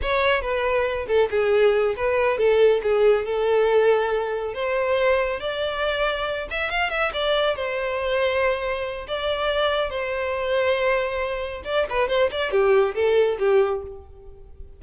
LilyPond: \new Staff \with { instrumentName = "violin" } { \time 4/4 \tempo 4 = 139 cis''4 b'4. a'8 gis'4~ | gis'8 b'4 a'4 gis'4 a'8~ | a'2~ a'8 c''4.~ | c''8 d''2~ d''8 e''8 f''8 |
e''8 d''4 c''2~ c''8~ | c''4 d''2 c''4~ | c''2. d''8 b'8 | c''8 d''8 g'4 a'4 g'4 | }